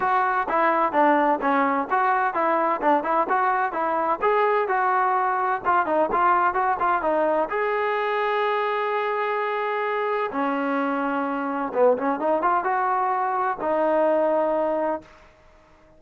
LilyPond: \new Staff \with { instrumentName = "trombone" } { \time 4/4 \tempo 4 = 128 fis'4 e'4 d'4 cis'4 | fis'4 e'4 d'8 e'8 fis'4 | e'4 gis'4 fis'2 | f'8 dis'8 f'4 fis'8 f'8 dis'4 |
gis'1~ | gis'2 cis'2~ | cis'4 b8 cis'8 dis'8 f'8 fis'4~ | fis'4 dis'2. | }